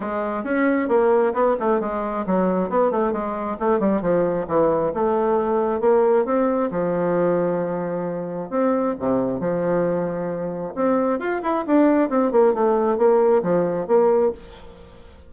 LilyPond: \new Staff \with { instrumentName = "bassoon" } { \time 4/4 \tempo 4 = 134 gis4 cis'4 ais4 b8 a8 | gis4 fis4 b8 a8 gis4 | a8 g8 f4 e4 a4~ | a4 ais4 c'4 f4~ |
f2. c'4 | c4 f2. | c'4 f'8 e'8 d'4 c'8 ais8 | a4 ais4 f4 ais4 | }